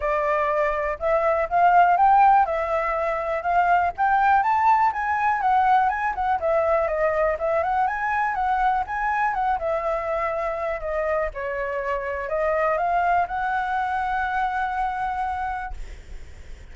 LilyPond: \new Staff \with { instrumentName = "flute" } { \time 4/4 \tempo 4 = 122 d''2 e''4 f''4 | g''4 e''2 f''4 | g''4 a''4 gis''4 fis''4 | gis''8 fis''8 e''4 dis''4 e''8 fis''8 |
gis''4 fis''4 gis''4 fis''8 e''8~ | e''2 dis''4 cis''4~ | cis''4 dis''4 f''4 fis''4~ | fis''1 | }